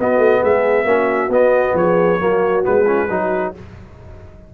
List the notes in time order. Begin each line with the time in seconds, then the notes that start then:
0.00 B3 F#4 D#5
0.18 A3
0.42 G#3 G#4 E5
0.85 A#3 C#4 F#4
1.29 B3 D#5
1.74 F3 G#4 C#5
2.20 F#3 A#3 F#4
2.63 G#3 B3 B4
2.85 C#4 F4
3.10 F#3 D#4 F#4